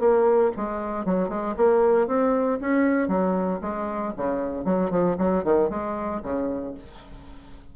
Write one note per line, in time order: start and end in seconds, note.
0.00 0.52 A#3
0.57 1.06 G#3
1.06 1.29 F#3
1.29 1.55 G#3
1.57 2.08 A#3
2.08 2.60 C4
2.61 3.08 C#4
3.08 3.60 F#3
3.62 4.14 G#3
4.17 4.65 C#3
4.65 4.91 F#3
4.91 5.17 F3
5.19 5.45 F#3
5.45 5.70 D#3
5.70 6.22 G#3
6.23 6.75 C#3